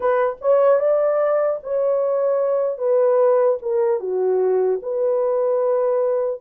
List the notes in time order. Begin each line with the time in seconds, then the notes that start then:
0.00 B4
0.41 C#5
0.79 D5
1.63 C#5
2.78 B4
3.61 A#4
4.00 F#4
4.82 B4